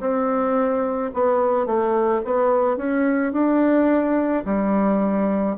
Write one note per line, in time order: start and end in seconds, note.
0.00 1.11 C4
1.14 1.66 B3
1.66 2.22 A3
2.25 2.77 B3
2.77 3.32 C#4
3.32 4.43 D4
4.45 5.56 G3